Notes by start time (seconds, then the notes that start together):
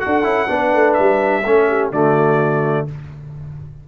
0.00 F#4 A4 F#5
0.06 D4
0.24 C#4 E4
0.48 B3 D4 B4
0.74 A3
0.94 G3 E5
1.45 A3 C#4 A4
1.68 G4
1.91 D3 A3 F#4 D5